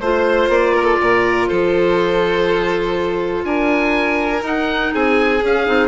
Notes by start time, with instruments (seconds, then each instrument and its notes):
0.00 bassoon A3, clarinet F4, oboe C5, violin C5
0.49 bassoon A#3, oboe D5
0.74 violin A#4
0.84 violin A4
1.01 bassoon A#2, violin A#4
1.48 bassoon F3, violin A4, oboe C5
3.44 bassoon D4, violin A#4, oboe G#5
4.41 clarinet D#4, bassoon D#4, oboe F#5
4.93 bassoon C4, violin G#4, oboe G#5
5.42 clarinet C#4, bassoon C#4, oboe F5
5.66 bassoon C4, clarinet D#4